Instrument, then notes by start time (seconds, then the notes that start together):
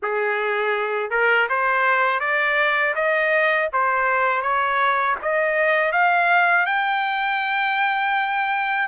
trumpet
0.02 G#4
1.10 A#4
1.48 C5
2.20 D5
2.95 D#5
3.72 C5
4.41 C#5
5.22 D#5
5.92 F5
6.66 G5